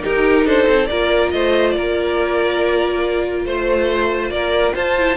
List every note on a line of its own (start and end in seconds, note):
0.00 0.86 D#4
0.00 0.45 D#4
0.00 0.46 G4
0.00 0.47 A#4
0.45 0.66 D4
0.45 0.88 A4
0.45 0.86 C5
0.67 0.89 C4
0.86 1.33 A#3
0.86 4.98 F4
0.86 1.33 A#4
0.86 1.29 D5
1.30 1.76 A3
1.30 1.75 C5
1.30 1.70 D#5
1.70 3.45 A#3
1.70 3.46 A#4
1.70 3.42 D5
3.45 4.30 A3
3.45 4.30 C5
3.45 4.32 C5
4.30 4.73 A#3
4.30 4.74 A#4
4.30 4.73 D5
4.74 5.16 F4
4.74 5.16 C5
4.74 5.16 A5
4.98 5.16 E4